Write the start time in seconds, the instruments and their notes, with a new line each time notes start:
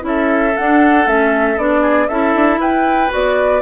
0.00 bassoon C#4, clarinet E4, flute E5
0.07 oboe A4
0.56 clarinet D4, bassoon D4, flute F#5
1.06 bassoon A3, clarinet C#4, flute E5
1.57 bassoon B3, clarinet D4, flute D5
1.81 oboe G#4
2.08 bassoon C#4, clarinet E4, oboe A4, flute E5
2.35 bassoon D4
2.57 bassoon E4, oboe B4, flute G5
3.09 bassoon B3, clarinet F#4, flute D5